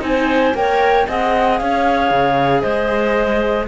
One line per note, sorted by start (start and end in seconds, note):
0.00 0.53 C4
0.00 0.52 D#4
0.00 0.55 G#5
0.07 0.58 C5
0.55 1.07 A#3
0.55 1.07 A#4
0.55 1.08 C#5
0.55 1.08 G5
1.08 1.60 C4
1.08 3.68 G#4
1.08 1.60 D#5
1.08 1.59 F#5
1.59 2.11 C#4
1.59 2.62 C#5
1.59 2.61 F5
2.11 2.63 C#3
2.61 3.68 G#3
2.61 3.66 C5
2.61 3.65 D#5